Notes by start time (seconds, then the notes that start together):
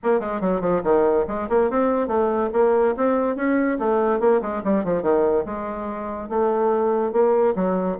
0.03 A#3
0.20 G#3
0.40 F#3
0.60 F3
0.83 D#3
1.27 G#3
1.49 A#3
1.70 C4
2.07 A3
2.52 A#3
2.97 C4
3.35 C#4
3.79 A3
4.20 A#3
4.41 G#3
4.64 G3
4.84 F3
5.02 D#3
5.45 G#3
6.29 A3
7.12 A#3
7.55 F#3